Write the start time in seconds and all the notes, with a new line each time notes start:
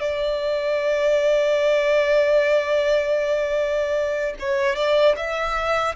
0.00 D5
4.39 C#5
4.76 D5
5.16 E5